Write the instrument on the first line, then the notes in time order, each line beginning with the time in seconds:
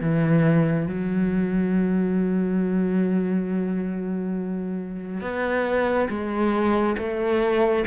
cello
0.00 E3
0.87 F#3
5.21 B3
6.09 G#3
6.98 A3